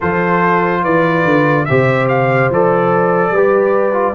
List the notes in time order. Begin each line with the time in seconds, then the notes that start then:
0.00 F3 F4 A4 C5
0.82 E3 B4 D5
1.24 D3
1.65 C3 G4 C5 E5
2.08 F5
2.49 F3 A4 D5
3.30 G3 G4 B4
3.92 F4